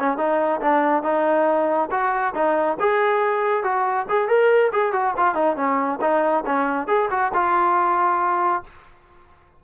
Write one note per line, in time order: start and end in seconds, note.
0.00 0.18 C#4
0.18 0.61 D#4
0.62 1.04 D4
1.04 1.90 D#4
1.91 2.34 F#4
2.35 2.78 D#4
2.80 3.64 G#4
3.64 4.07 F#4
4.10 4.29 G#4
4.29 4.72 A#4
4.73 4.93 G#4
4.93 5.15 F#4
5.18 5.35 F4
5.35 5.56 D#4
5.57 6.00 C#4
6.02 6.45 D#4
6.46 6.88 C#4
6.88 7.09 G#4
7.11 7.32 F#4
7.34 8.64 F4